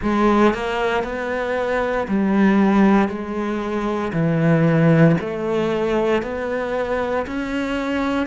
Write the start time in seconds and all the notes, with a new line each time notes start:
0.02 G#3
0.54 A#3
1.03 B3
2.07 G3
3.08 G#3
4.12 E3
5.20 A3
6.22 B3
7.26 C#4